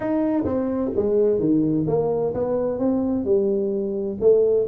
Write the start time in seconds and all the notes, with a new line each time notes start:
0.00 D#4
0.44 C4
0.96 G#3
1.39 D#3
1.87 A#3
2.34 B3
2.78 C4
3.24 G3
4.20 A3